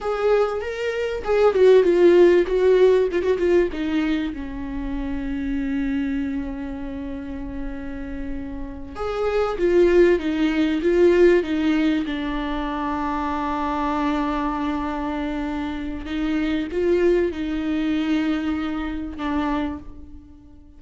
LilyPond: \new Staff \with { instrumentName = "viola" } { \time 4/4 \tempo 4 = 97 gis'4 ais'4 gis'8 fis'8 f'4 | fis'4 f'16 fis'16 f'8 dis'4 cis'4~ | cis'1~ | cis'2~ cis'8 gis'4 f'8~ |
f'8 dis'4 f'4 dis'4 d'8~ | d'1~ | d'2 dis'4 f'4 | dis'2. d'4 | }